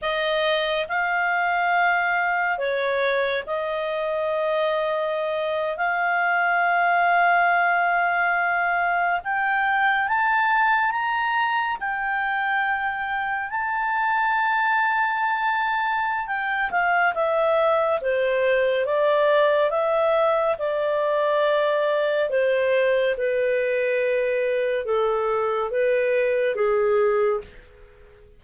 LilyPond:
\new Staff \with { instrumentName = "clarinet" } { \time 4/4 \tempo 4 = 70 dis''4 f''2 cis''4 | dis''2~ dis''8. f''4~ f''16~ | f''2~ f''8. g''4 a''16~ | a''8. ais''4 g''2 a''16~ |
a''2. g''8 f''8 | e''4 c''4 d''4 e''4 | d''2 c''4 b'4~ | b'4 a'4 b'4 gis'4 | }